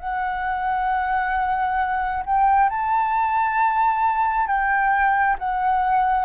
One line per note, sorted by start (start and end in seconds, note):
0.00 2.24 F#5
2.26 2.70 G5
2.70 4.47 A5
4.47 5.36 G5
5.39 6.25 F#5